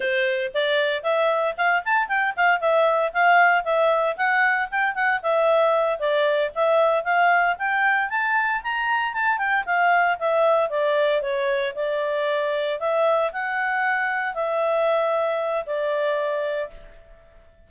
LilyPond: \new Staff \with { instrumentName = "clarinet" } { \time 4/4 \tempo 4 = 115 c''4 d''4 e''4 f''8 a''8 | g''8 f''8 e''4 f''4 e''4 | fis''4 g''8 fis''8 e''4. d''8~ | d''8 e''4 f''4 g''4 a''8~ |
a''8 ais''4 a''8 g''8 f''4 e''8~ | e''8 d''4 cis''4 d''4.~ | d''8 e''4 fis''2 e''8~ | e''2 d''2 | }